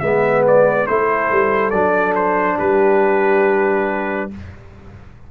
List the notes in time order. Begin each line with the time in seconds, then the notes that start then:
0.00 G#3 B3 B4 E5
0.47 D5
0.87 A3 E4 A4 C5
1.32 G3
1.71 F#3 D4 D5
2.15 C5
2.57 G3 G4 B4